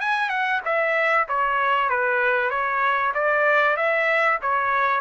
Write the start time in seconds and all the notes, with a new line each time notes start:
0.00 G#5
0.29 F#5
0.65 E5
1.28 C#5
1.89 B4
2.50 C#5
3.14 D5
3.76 E5
4.41 C#5